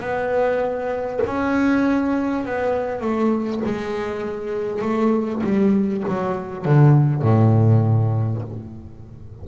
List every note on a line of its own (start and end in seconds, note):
0.00 1.20 B3
1.26 2.45 C#4
2.45 3.01 B3
3.01 3.61 A3
3.65 4.82 G#3
4.82 5.42 A3
5.43 6.03 G3
6.08 6.65 F#3
6.65 7.22 D3
7.22 8.42 A2